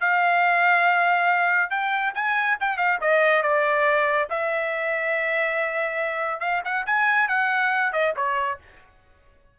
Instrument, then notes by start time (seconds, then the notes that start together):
trumpet
0.00 F5
1.70 G5
2.14 G#5
2.60 G5
2.77 F5
3.01 D#5
3.43 D5
4.30 E5
6.40 F5
6.64 F#5
6.86 G#5
7.28 F#5
7.92 D#5
8.16 C#5